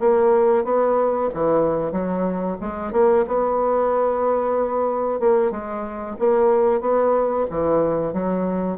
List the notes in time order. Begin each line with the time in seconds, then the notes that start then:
0.00 A#3
0.65 B3
1.34 E3
1.92 F#3
2.61 G#3
2.93 A#3
3.28 B3
5.20 A#3
5.51 G#3
6.19 A#3
6.81 B3
7.51 E3
8.13 F#3